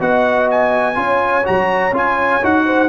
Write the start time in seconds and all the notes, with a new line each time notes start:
0.00 B3 F#4 D#5 F#5
0.51 G#5
0.96 C#4 F4 C#5
1.45 F#3 F#4 A#5
1.93 C#4 F4 G#5
2.43 D#4 F#4 F#5
2.65 C5